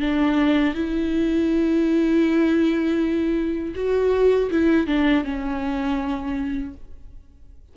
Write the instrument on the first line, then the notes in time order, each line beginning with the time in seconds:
viola
0.00 D4
0.75 E4
3.75 F#4
4.51 E4
4.87 D4
5.24 C#4